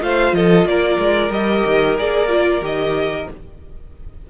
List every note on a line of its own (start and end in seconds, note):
0.00 0.32 A3
0.00 1.30 F4
0.00 0.35 C5
0.00 0.34 F5
0.32 0.65 F3
0.32 0.68 A4
0.32 0.67 D#5
0.65 0.97 A#3
0.65 3.30 A#4
0.65 1.32 D5
0.98 1.30 G#3
1.30 1.63 G3
1.30 1.97 G4
1.30 1.97 D#5
1.66 1.99 D#3
1.97 2.61 A#3
1.97 2.29 G#4
1.97 2.64 D5
2.29 2.61 F4
2.61 3.26 D#3
2.61 3.26 G4
2.61 3.30 D#5